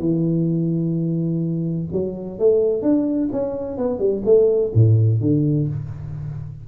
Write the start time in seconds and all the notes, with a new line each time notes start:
0.00 E3
1.93 F#3
2.40 A3
2.83 D4
3.33 C#4
3.78 B3
4.00 G3
4.26 A3
4.75 A2
5.21 D3